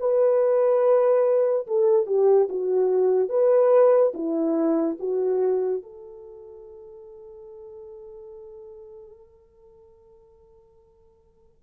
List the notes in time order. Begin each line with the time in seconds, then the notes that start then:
0.00 B4
1.67 A4
2.06 G4
2.49 F#4
3.29 B4
4.14 E4
4.99 F#4
5.83 A4